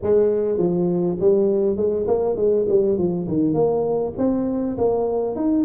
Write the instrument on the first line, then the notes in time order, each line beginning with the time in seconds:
tuba
0.02 G#3
0.58 F3
1.20 G3
1.76 G#3
2.07 A#3
2.36 G#3
2.68 G3
2.97 F3
3.28 D#3
3.54 A#3
4.17 C4
4.77 A#3
5.35 D#4